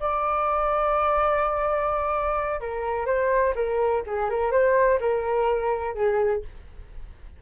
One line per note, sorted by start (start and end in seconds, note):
0.00 2.61 D5
2.61 3.06 A#4
3.06 3.54 C5
3.55 4.03 A#4
4.06 4.30 G#4
4.30 4.52 A#4
4.52 5.00 C5
5.00 5.95 A#4
5.95 6.42 G#4